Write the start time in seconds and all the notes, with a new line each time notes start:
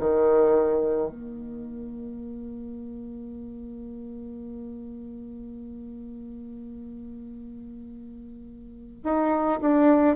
0.00 D#3
1.11 A#3
9.04 D#4
9.62 D4